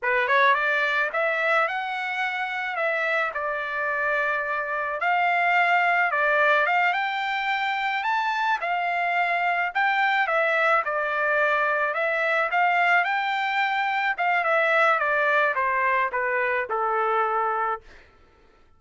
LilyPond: \new Staff \with { instrumentName = "trumpet" } { \time 4/4 \tempo 4 = 108 b'8 cis''8 d''4 e''4 fis''4~ | fis''4 e''4 d''2~ | d''4 f''2 d''4 | f''8 g''2 a''4 f''8~ |
f''4. g''4 e''4 d''8~ | d''4. e''4 f''4 g''8~ | g''4. f''8 e''4 d''4 | c''4 b'4 a'2 | }